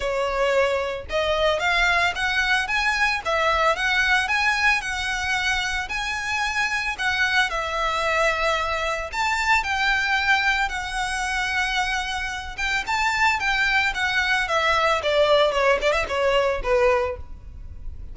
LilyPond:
\new Staff \with { instrumentName = "violin" } { \time 4/4 \tempo 4 = 112 cis''2 dis''4 f''4 | fis''4 gis''4 e''4 fis''4 | gis''4 fis''2 gis''4~ | gis''4 fis''4 e''2~ |
e''4 a''4 g''2 | fis''2.~ fis''8 g''8 | a''4 g''4 fis''4 e''4 | d''4 cis''8 d''16 e''16 cis''4 b'4 | }